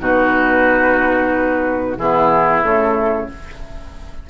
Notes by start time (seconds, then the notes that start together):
0.00 B2 D#4 F#4 B4
1.98 E3 B3 E4 G#4
2.63 C#3 A3 A4